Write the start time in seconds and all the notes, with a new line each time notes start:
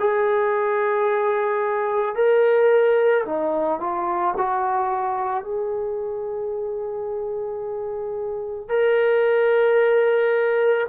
0.00 G#4
2.16 A#4
3.26 D#4
3.80 F4
4.37 F#4
5.44 G#4
8.69 A#4